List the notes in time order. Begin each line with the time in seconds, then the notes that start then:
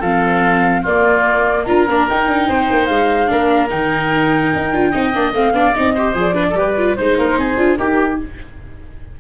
0.00 F3 C4 A4 F5
0.82 A#3 F4 D5
1.65 D4 F4 A#4 A#5
1.88 A#3 D4
2.09 D#4 G5
2.28 D4
2.49 C4 C5
2.71 A#3
2.86 G#3 F5
3.27 A#3 D4 A#4
3.70 D#3 D#4 G5
4.56 D#4
4.73 D4 F4
4.91 C4 D#4 D#5
5.14 A#3 D4
5.33 A3 C4 F5
5.53 B3 D4 D5
5.75 C4 D#4 D#5
5.94 G4 C5
6.15 F3 G#4 D5
6.34 D4 B4
6.50 G3 G4 A4
6.58 B4
6.78 F4
6.96 G#3 D#4 C5
7.18 A#3 A#4
7.38 C4 G#4
7.57 D4 F4
7.77 D#4 G4 A#4